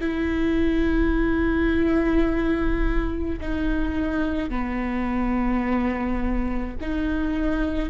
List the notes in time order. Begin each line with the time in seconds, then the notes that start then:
0.00 E4
3.41 D#4
4.49 B3
6.81 D#4